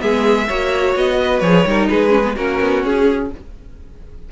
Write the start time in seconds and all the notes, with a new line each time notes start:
0.00 G#3 B3 G#4 E5
0.48 A#3 F#4 C#5
0.96 B3 D#5
1.22 B4
1.40 F3 G#4 C#5
1.66 G3 D#4 A#4
1.89 G#3 G#4 B4
2.10 C#4
2.25 B3
2.36 A#3 C#4 F#4 A#4
2.61 B3
2.84 C#4 G#4